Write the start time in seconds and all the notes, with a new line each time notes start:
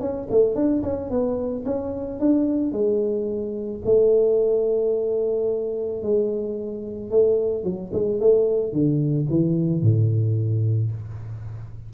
0.00 C#4
0.30 A3
0.55 D4
0.83 C#4
1.10 B3
1.66 C#4
2.20 D4
2.72 G#3
3.85 A3
6.02 G#3
7.11 A3
7.64 F#3
7.93 G#3
8.20 A3
8.73 D3
9.30 E3
9.83 A2